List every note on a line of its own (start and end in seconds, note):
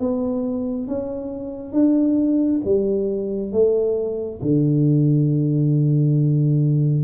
0.00 0.88 B3
0.88 1.73 C#4
1.73 2.61 D4
2.65 3.53 G3
3.53 4.41 A3
4.42 7.04 D3